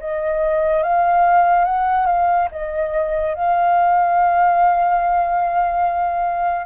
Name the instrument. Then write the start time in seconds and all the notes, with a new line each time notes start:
flute
0.00 D#5
0.83 F5
1.65 F#5
2.06 F5
2.52 D#5
3.35 F5